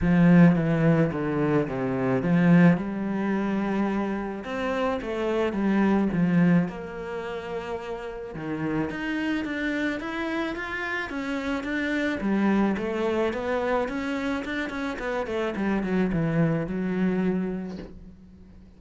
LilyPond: \new Staff \with { instrumentName = "cello" } { \time 4/4 \tempo 4 = 108 f4 e4 d4 c4 | f4 g2. | c'4 a4 g4 f4 | ais2. dis4 |
dis'4 d'4 e'4 f'4 | cis'4 d'4 g4 a4 | b4 cis'4 d'8 cis'8 b8 a8 | g8 fis8 e4 fis2 | }